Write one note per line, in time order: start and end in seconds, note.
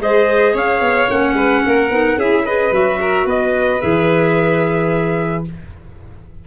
0.00 0.54 G#3
0.00 1.09 G#4
0.00 0.53 C5
0.00 0.56 D#5
0.53 0.81 C#4
0.53 1.34 C#5
0.53 1.10 F5
0.81 1.08 B3
1.09 1.34 A#3
1.09 1.90 C#4
1.09 2.19 F#5
1.34 1.61 G#3
1.34 1.63 B4
1.66 1.90 A#3
1.66 2.18 A#4
1.90 2.16 B3
1.90 2.17 D#4
2.16 2.71 C#4
2.16 2.47 E4
2.16 2.45 G#4
2.16 2.46 E5
2.45 2.73 G#4
2.45 2.99 B4
2.45 2.73 D#5
2.71 3.25 F#3
2.71 3.80 F#4
2.71 3.28 E5
3.01 3.26 A#4
3.25 3.80 B3
3.25 5.44 B4
3.25 3.81 D#5
3.80 5.47 E3
3.80 5.44 G#4
3.80 5.45 E5